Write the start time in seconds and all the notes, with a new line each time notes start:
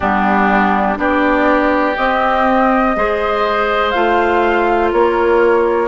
0.00 G3 B3 D4 G4
0.96 B3 D4 G4 D5
1.96 C4 D#5
2.96 G#3 G#4 C5
3.91 A3 F4 F5
4.92 A#3 A#4 C#5